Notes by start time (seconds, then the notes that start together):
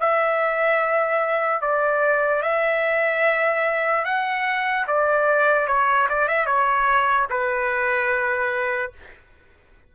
0.00 E5
1.61 D5
2.42 E5
4.05 F#5
4.87 D5
5.67 C#5
6.09 D5
6.28 E5
6.46 C#5
7.30 B4